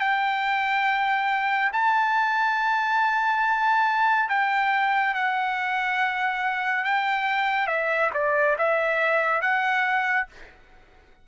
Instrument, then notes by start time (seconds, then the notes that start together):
trumpet
0.00 G5
1.73 A5
4.29 G5
5.14 F#5
6.84 G5
7.67 E5
8.14 D5
8.58 E5
9.41 F#5